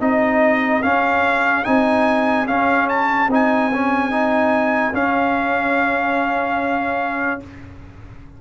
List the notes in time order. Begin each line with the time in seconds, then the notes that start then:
0.00 C4 D#4 G#4 D#5
0.82 C#4 F5
1.64 C4 D#4 G#5
2.47 C#4 F5
2.89 A5
3.28 C4 D#4 G#5
3.73 C#4
4.11 D#4
4.93 C#4 F5